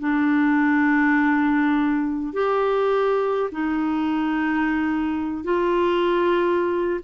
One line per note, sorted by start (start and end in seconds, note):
0.00 2.34 D4
2.34 3.51 G4
3.52 5.45 D#4
5.45 7.01 F4